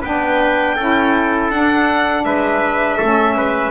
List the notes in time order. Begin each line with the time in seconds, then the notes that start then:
0.00 B3 D4 B4 G5
0.75 C#4 E4 A4
1.50 D4 F#5
2.24 G#3 B4 E5
2.97 A3 C#4 A4
3.35 G#3 B4